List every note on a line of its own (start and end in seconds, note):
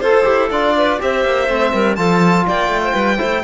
0.00 0.25 F4
0.00 0.75 A4
0.00 0.24 A4
0.00 0.49 C5
0.24 0.51 E4
0.24 0.48 G4
0.51 0.99 D4
0.51 0.99 F4
0.51 1.00 D5
0.77 1.02 B4
0.99 1.25 C4
0.99 1.48 G4
0.99 1.73 C5
0.99 1.96 E5
1.25 1.48 A#3
1.48 1.73 A3
1.48 1.97 C4
1.73 1.98 G3
1.73 1.98 A#4
1.96 2.46 F3
1.96 3.17 F4
1.96 2.47 A4
1.96 2.45 A5
2.47 2.69 A#3
2.47 2.84 D5
2.47 3.44 G5
2.69 2.93 A3
2.84 2.94 C5
2.94 3.19 G3
2.94 3.18 B4
3.17 3.44 A3
3.17 3.41 E4
3.17 3.43 C5